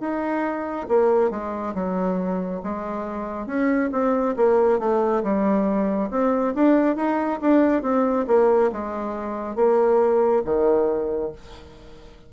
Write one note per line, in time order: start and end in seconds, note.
0.00 0.87 D#4
0.89 1.30 A#3
1.30 1.74 G#3
1.75 2.62 F#3
2.64 3.47 G#3
3.47 3.90 C#4
3.92 4.36 C4
4.36 4.79 A#3
4.79 5.23 A3
5.23 6.10 G3
6.11 6.54 C4
6.55 6.96 D4
6.96 7.40 D#4
7.42 7.83 D4
7.83 8.26 C4
8.28 8.71 A#3
8.72 9.56 G#3
9.56 10.43 A#3
10.45 11.32 D#3